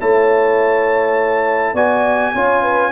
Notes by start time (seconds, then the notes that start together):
0.00 A3 E4 C#5 A5
1.74 B3 F#4 D5 G#5
2.35 C#4 F4 C#5
2.62 B4